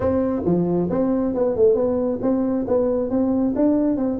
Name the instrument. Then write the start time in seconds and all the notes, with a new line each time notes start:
tuba
0.00 C4
0.45 F3
0.90 C4
1.34 B3
1.56 A3
1.74 B3
2.21 C4
2.67 B3
3.10 C4
3.55 D4
3.97 C4